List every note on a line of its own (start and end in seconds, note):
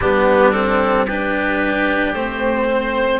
0.00 2.13 G3
0.00 0.53 B3
0.00 1.06 D4
0.00 0.52 G4
0.52 1.07 C4
0.52 1.05 A4
1.06 2.15 D4
1.06 2.67 G4
1.06 2.13 B4
2.13 3.20 A3
2.13 3.20 C4
2.13 3.20 C5
2.71 3.20 C5